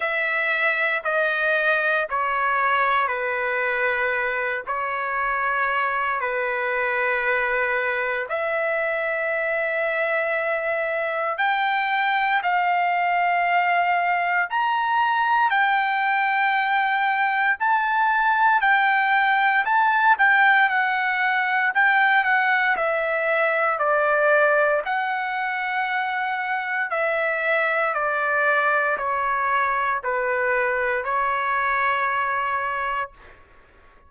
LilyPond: \new Staff \with { instrumentName = "trumpet" } { \time 4/4 \tempo 4 = 58 e''4 dis''4 cis''4 b'4~ | b'8 cis''4. b'2 | e''2. g''4 | f''2 ais''4 g''4~ |
g''4 a''4 g''4 a''8 g''8 | fis''4 g''8 fis''8 e''4 d''4 | fis''2 e''4 d''4 | cis''4 b'4 cis''2 | }